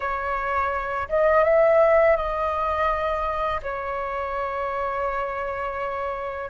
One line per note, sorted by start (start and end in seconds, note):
0.00 1.08 C#5
1.08 1.44 D#5
1.44 2.16 E5
2.16 3.60 D#5
3.62 6.50 C#5